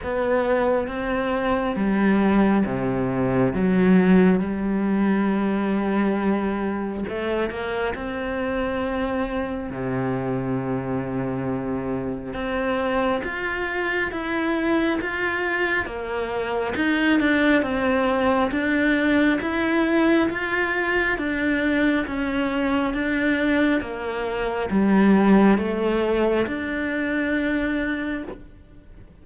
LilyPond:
\new Staff \with { instrumentName = "cello" } { \time 4/4 \tempo 4 = 68 b4 c'4 g4 c4 | fis4 g2. | a8 ais8 c'2 c4~ | c2 c'4 f'4 |
e'4 f'4 ais4 dis'8 d'8 | c'4 d'4 e'4 f'4 | d'4 cis'4 d'4 ais4 | g4 a4 d'2 | }